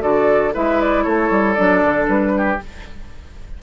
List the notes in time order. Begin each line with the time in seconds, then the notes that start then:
0.00 D3 F#4 A4 D5
0.53 G#3 E4 B4 E5
0.81 D5
1.03 A3 A4 C#5
1.30 G3
1.53 F#3 D4 D5
1.83 D3
2.08 G3 B4
2.37 G4